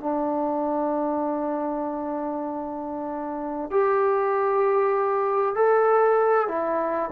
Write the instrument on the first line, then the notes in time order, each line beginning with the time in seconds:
trombone
0.00 D4
3.70 G4
5.55 A4
6.48 E4